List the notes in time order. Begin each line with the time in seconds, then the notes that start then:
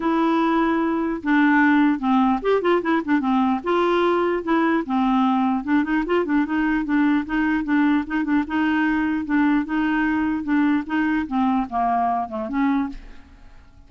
0.00 E4
1.23 D4
1.99 C4
2.42 G4
2.61 F4
2.82 E4
3.04 D4
3.20 C4
3.63 F4
4.43 E4
4.85 C4
5.64 D4
5.83 D#4
6.06 F4
6.25 D4
6.45 D#4
6.84 D4
7.25 D#4
7.64 D4
8.06 D#4
8.23 D4
8.47 D#4
9.25 D4
9.65 D#4
10.43 D4
10.86 D#4
11.27 C4
11.69 A#3
12.29 A3
12.48 C#4